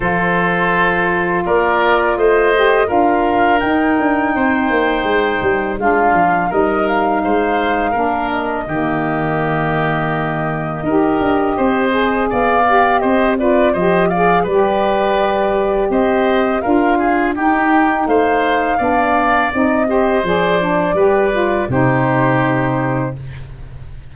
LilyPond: <<
  \new Staff \with { instrumentName = "flute" } { \time 4/4 \tempo 4 = 83 c''2 d''4 dis''4 | f''4 g''2. | f''4 dis''8 f''2 dis''8~ | dis''1~ |
dis''4 f''4 dis''8 d''8 dis''8 f''8 | d''2 dis''4 f''4 | g''4 f''2 dis''4 | d''2 c''2 | }
  \new Staff \with { instrumentName = "oboe" } { \time 4/4 a'2 ais'4 c''4 | ais'2 c''2 | f'4 ais'4 c''4 ais'4 | g'2. ais'4 |
c''4 d''4 c''8 b'8 c''8 d''8 | b'2 c''4 ais'8 gis'8 | g'4 c''4 d''4. c''8~ | c''4 b'4 g'2 | }
  \new Staff \with { instrumentName = "saxophone" } { \time 4/4 f'2.~ f'8 g'8 | f'4 dis'2. | d'4 dis'2 d'4 | ais2. g'4~ |
g'8 gis'4 g'4 f'8 g'8 gis'8 | g'2. f'4 | dis'2 d'4 dis'8 g'8 | gis'8 d'8 g'8 f'8 dis'2 | }
  \new Staff \with { instrumentName = "tuba" } { \time 4/4 f2 ais4 a4 | d'4 dis'8 d'8 c'8 ais8 gis8 g8 | gis8 f8 g4 gis4 ais4 | dis2. dis'8 d'8 |
c'4 b4 c'4 f4 | g2 c'4 d'4 | dis'4 a4 b4 c'4 | f4 g4 c2 | }
>>